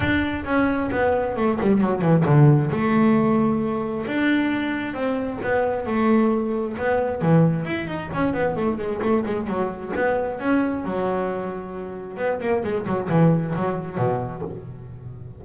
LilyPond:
\new Staff \with { instrumentName = "double bass" } { \time 4/4 \tempo 4 = 133 d'4 cis'4 b4 a8 g8 | fis8 e8 d4 a2~ | a4 d'2 c'4 | b4 a2 b4 |
e4 e'8 dis'8 cis'8 b8 a8 gis8 | a8 gis8 fis4 b4 cis'4 | fis2. b8 ais8 | gis8 fis8 e4 fis4 b,4 | }